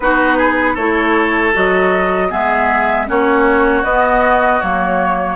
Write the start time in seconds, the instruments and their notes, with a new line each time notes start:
0.00 bassoon B3, clarinet D#4, oboe F#4, flute B4
0.37 oboe G#4
0.74 bassoon A3, clarinet E4, oboe A4, flute C#5
1.53 bassoon F#3, clarinet F#4, flute D#5
2.29 bassoon G#3, clarinet B3, oboe G#4, flute E5
3.06 bassoon A#3, clarinet C#4, oboe F#4, flute C#5
3.83 bassoon B3, clarinet B3, flute D#5
4.60 bassoon F#3, clarinet A#3, flute C#5